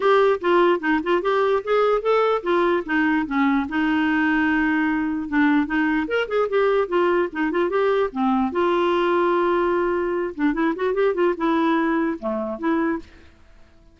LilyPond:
\new Staff \with { instrumentName = "clarinet" } { \time 4/4 \tempo 4 = 148 g'4 f'4 dis'8 f'8 g'4 | gis'4 a'4 f'4 dis'4 | cis'4 dis'2.~ | dis'4 d'4 dis'4 ais'8 gis'8 |
g'4 f'4 dis'8 f'8 g'4 | c'4 f'2.~ | f'4. d'8 e'8 fis'8 g'8 f'8 | e'2 a4 e'4 | }